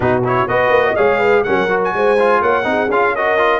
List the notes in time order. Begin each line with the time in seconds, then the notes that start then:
0.00 B2 D#4 F#4 B4
0.24 E4 C#5
0.47 B3 F#4 B4 D#5
0.69 A#3
0.84 D#5
0.95 G#3 G#4 C#5 F5
1.18 B4
1.43 F#3 C#4 A#4 F#5
1.69 F#4
1.84 G#5
1.94 G#3 C5
2.19 F4
2.41 A#3 C#5 F#5
2.63 C4 D#4 G#4
2.87 C#4 F4 F5
3.14 F#4 A#4 D#5
3.38 F4